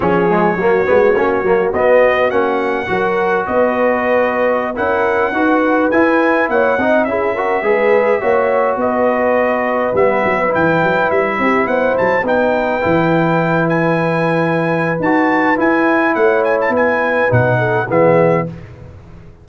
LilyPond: <<
  \new Staff \with { instrumentName = "trumpet" } { \time 4/4 \tempo 4 = 104 cis''2. dis''4 | fis''2 dis''2~ | dis''16 fis''2 gis''4 fis''8.~ | fis''16 e''2. dis''8.~ |
dis''4~ dis''16 e''4 g''4 e''8.~ | e''16 fis''8 a''8 g''2~ g''8 gis''16~ | gis''2 a''4 gis''4 | fis''8 gis''16 a''16 gis''4 fis''4 e''4 | }
  \new Staff \with { instrumentName = "horn" } { \time 4/4 gis'4 fis'2.~ | fis'4 ais'4 b'2~ | b'16 ais'4 b'2 cis''8 dis''16~ | dis''16 gis'8 ais'8 b'4 cis''4 b'8.~ |
b'2.~ b'8. g'16~ | g'16 c''4 b'2~ b'8.~ | b'1 | cis''4 b'4. a'8 gis'4 | }
  \new Staff \with { instrumentName = "trombone" } { \time 4/4 cis'8 gis8 ais8 b8 cis'8 ais8 b4 | cis'4 fis'2.~ | fis'16 e'4 fis'4 e'4. dis'16~ | dis'16 e'8 fis'8 gis'4 fis'4.~ fis'16~ |
fis'4~ fis'16 b4 e'4.~ e'16~ | e'4~ e'16 dis'4 e'4.~ e'16~ | e'2 fis'4 e'4~ | e'2 dis'4 b4 | }
  \new Staff \with { instrumentName = "tuba" } { \time 4/4 f4 fis8 gis8 ais8 fis8 b4 | ais4 fis4 b2~ | b16 cis'4 dis'4 e'4 ais8 c'16~ | c'16 cis'4 gis4 ais4 b8.~ |
b4~ b16 g8 fis8 e8 fis8 g8 c'16~ | c'16 b8 fis8 b4 e4.~ e16~ | e2 dis'4 e'4 | a4 b4 b,4 e4 | }
>>